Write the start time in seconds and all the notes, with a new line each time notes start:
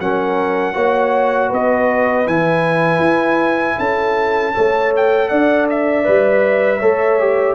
0.00 F#3 C#4 A#4 F#5
0.74 A#3 F#4 C#5
1.49 B3 B4 D#5
2.27 E3 E4 G#5
3.00 E4
3.78 C#4 A4 A5
4.53 A3 A4 C#5
4.96 G5
5.29 D4 D5 F#5
5.69 E5
6.04 G3 B4
6.79 A3 A4 C#5
7.19 G4